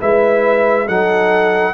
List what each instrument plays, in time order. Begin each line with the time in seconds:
0.00 tuba G#3, trombone E4, horn B4, trumpet E5
0.86 tuba F#3, trombone D#4, horn A4, trumpet F#5